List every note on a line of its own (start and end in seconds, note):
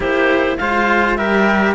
0.00 0.56 A#3
0.00 0.58 E4
0.00 0.58 G4
0.00 0.57 C5
0.57 1.18 G#3
0.57 1.18 F4
0.57 1.17 C5
0.57 1.16 F5
1.16 1.74 G3
1.16 1.74 G4
1.16 1.74 A#4
1.16 1.74 E5